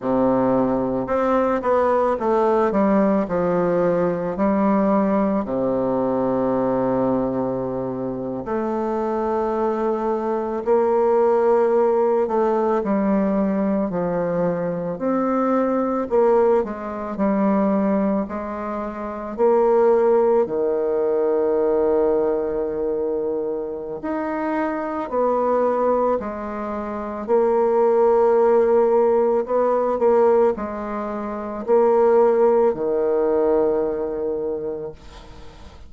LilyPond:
\new Staff \with { instrumentName = "bassoon" } { \time 4/4 \tempo 4 = 55 c4 c'8 b8 a8 g8 f4 | g4 c2~ c8. a16~ | a4.~ a16 ais4. a8 g16~ | g8. f4 c'4 ais8 gis8 g16~ |
g8. gis4 ais4 dis4~ dis16~ | dis2 dis'4 b4 | gis4 ais2 b8 ais8 | gis4 ais4 dis2 | }